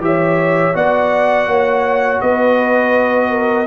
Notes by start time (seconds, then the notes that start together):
0.00 E3 G4 C#5 E5
0.74 B3 F#4 D5 F#5
1.47 A#3 C#5
2.21 B3 B4 D#5
3.30 A#4